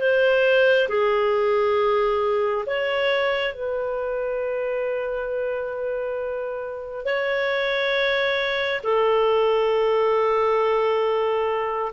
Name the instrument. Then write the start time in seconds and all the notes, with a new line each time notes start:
clarinet
0.00 C5
0.89 G#4
2.66 C#5
3.53 B4
7.05 C#5
8.83 A4